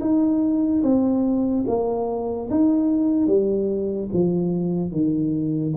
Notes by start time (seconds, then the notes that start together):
0.00 D#4
0.83 C4
1.67 A#3
2.50 D#4
3.27 G3
4.13 F3
4.91 D#3